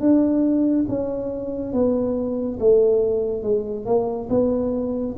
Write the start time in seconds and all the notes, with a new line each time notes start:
0.00 D4
0.88 C#4
1.73 B3
2.59 A3
3.43 G#3
3.85 A#3
4.29 B3